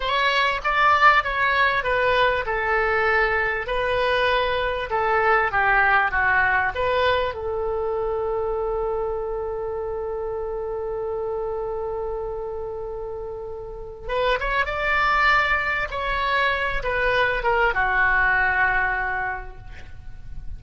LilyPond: \new Staff \with { instrumentName = "oboe" } { \time 4/4 \tempo 4 = 98 cis''4 d''4 cis''4 b'4 | a'2 b'2 | a'4 g'4 fis'4 b'4 | a'1~ |
a'1~ | a'2. b'8 cis''8 | d''2 cis''4. b'8~ | b'8 ais'8 fis'2. | }